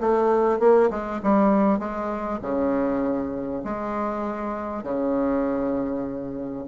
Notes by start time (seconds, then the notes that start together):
0.00 A3
0.59 A#3
0.90 G#3
1.23 G3
1.79 G#3
2.42 C#3
3.64 G#3
4.83 C#3